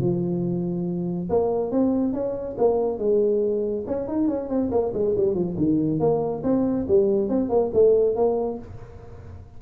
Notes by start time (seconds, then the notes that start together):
0.00 F3
1.29 A#3
1.71 C4
2.13 C#4
2.58 A#3
2.98 G#3
3.86 C#4
4.07 D#4
4.28 C#4
4.49 C4
4.71 A#3
4.93 G#3
5.17 G3
5.34 F3
5.57 D#3
5.99 A#3
6.43 C4
6.88 G3
7.28 C4
7.49 A#3
7.73 A3
8.15 A#3